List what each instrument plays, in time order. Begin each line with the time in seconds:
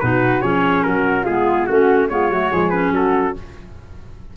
0.00 tuba B2, clarinet D#4, flute F#4, trumpet B4
0.41 tuba F3, clarinet C#4, flute G#4, trumpet C#5
0.83 tuba F#3, flute F#4, trumpet A#4
1.24 tuba G#3, clarinet B3, flute F4, trumpet G#4
1.66 tuba A3, clarinet C#4, flute F#4, trumpet F#4
2.09 tuba G#3, clarinet B3, flute F4, trumpet C#5
2.29 tuba F#3, clarinet A3, flute F#4
2.50 tuba F3, clarinet G#3, flute G#4
2.70 clarinet C#4, trumpet B4
2.91 tuba F#3, flute F#4, trumpet A4